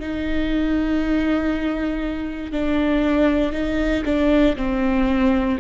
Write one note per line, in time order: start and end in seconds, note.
0.00 2.52 D#4
2.52 3.53 D4
3.53 4.04 D#4
4.05 4.56 D4
4.56 5.58 C4